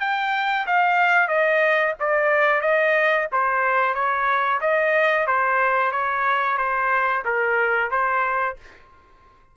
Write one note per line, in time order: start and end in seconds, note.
0.00 0.66 G5
0.67 1.28 F5
1.28 1.94 D#5
1.99 2.61 D5
2.61 3.27 D#5
3.32 3.94 C5
3.94 4.60 C#5
4.61 5.27 D#5
5.27 5.92 C5
5.92 6.58 C#5
6.58 7.23 C5
7.25 7.91 A#4
7.91 8.57 C5